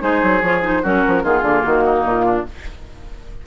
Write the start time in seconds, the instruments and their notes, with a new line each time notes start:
0.00 bassoon G#3, clarinet D#4, oboe G#4, flute C5
0.22 bassoon F#3
0.42 bassoon F3, clarinet F4, flute C#5
0.62 clarinet D#4, flute C5
0.82 bassoon F#3, clarinet C#4, oboe F#4, flute A#4
1.07 bassoon F3
1.23 bassoon D#3, clarinet B3, oboe F4, flute G#4
1.42 bassoon D3, clarinet A#3
1.63 bassoon D#3, flute F#4
1.85 oboe D#4
2.04 bassoon A#2, flute F4
2.25 oboe D4